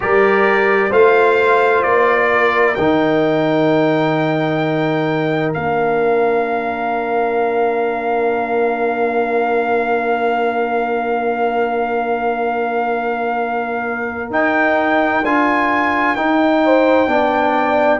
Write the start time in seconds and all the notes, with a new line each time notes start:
0.00 G3 G4 A#4 D5
0.89 A3 F4 C5 F5
1.82 A#3 D5
2.31 A#4
2.74 D#3 D#4 G5
5.53 A#3 D4 F5
14.29 D#4 G5
15.22 D4 F4 G#5
16.15 D#4 G5
16.64 C5
17.07 B3 D4 D5